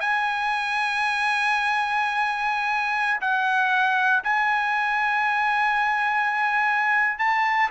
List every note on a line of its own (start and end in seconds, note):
0.00 3.21 G#5
3.21 4.23 F#5
4.24 7.18 G#5
7.18 7.69 A5